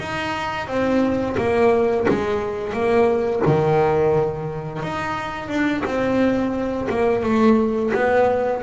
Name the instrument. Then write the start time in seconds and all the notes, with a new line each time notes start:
double bass
0.00 D#4
0.68 C4
1.38 A#3
2.09 G#3
2.73 A#3
3.46 D#3
4.83 D#4
5.49 D4
5.85 C4
6.90 A#3
7.24 A3
7.94 B3